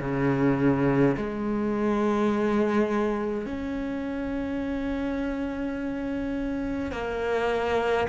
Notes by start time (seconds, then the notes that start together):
0.00 C#3
1.16 G#3
3.46 C#4
6.91 A#3